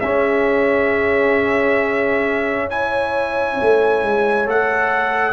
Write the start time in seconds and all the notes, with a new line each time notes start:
0.00 C#4 G#4 E5
2.70 E4 C#5 G#5
3.61 A3
4.03 G#3
4.46 A3 A4 F#5